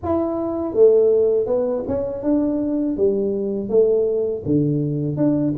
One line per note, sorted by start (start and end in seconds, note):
0.03 0.74 E4
0.74 1.46 A3
1.46 1.83 B3
1.87 2.22 C#4
2.22 2.96 D4
2.96 3.69 G3
3.69 4.43 A3
4.45 5.16 D3
5.16 5.54 D4